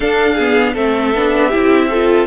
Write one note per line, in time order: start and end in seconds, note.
0.00 0.35 D4
0.00 0.75 D4
0.00 0.34 A4
0.00 0.75 F5
0.34 0.75 B3
0.34 0.72 G#4
0.73 1.14 A3
0.73 1.13 C4
0.73 1.47 A4
0.73 2.27 E5
1.14 1.52 B3
1.14 1.52 D4
1.47 1.90 E4
1.47 1.85 G4
1.55 2.27 C4
1.89 2.27 F4
1.89 2.27 A4